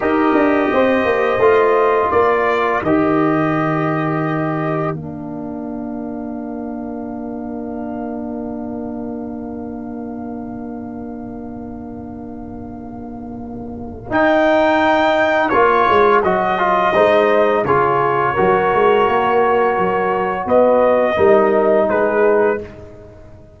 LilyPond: <<
  \new Staff \with { instrumentName = "trumpet" } { \time 4/4 \tempo 4 = 85 dis''2. d''4 | dis''2. f''4~ | f''1~ | f''1~ |
f''1 | g''2 cis''4 dis''4~ | dis''4 cis''2.~ | cis''4 dis''2 b'4 | }
  \new Staff \with { instrumentName = "horn" } { \time 4/4 ais'4 c''2 ais'4~ | ais'1~ | ais'1~ | ais'1~ |
ais'1~ | ais'1 | c''4 gis'4 ais'2~ | ais'4 b'4 ais'4 gis'4 | }
  \new Staff \with { instrumentName = "trombone" } { \time 4/4 g'2 f'2 | g'2. d'4~ | d'1~ | d'1~ |
d'1 | dis'2 f'4 fis'8 f'8 | dis'4 f'4 fis'2~ | fis'2 dis'2 | }
  \new Staff \with { instrumentName = "tuba" } { \time 4/4 dis'8 d'8 c'8 ais8 a4 ais4 | dis2. ais4~ | ais1~ | ais1~ |
ais1 | dis'2 ais8 gis8 fis4 | gis4 cis4 fis8 gis8 ais4 | fis4 b4 g4 gis4 | }
>>